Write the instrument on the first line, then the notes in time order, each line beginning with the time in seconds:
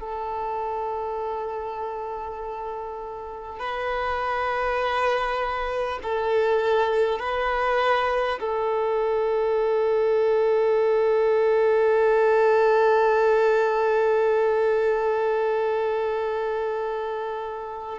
violin
0.00 A4
3.59 B4
6.02 A4
7.19 B4
8.40 A4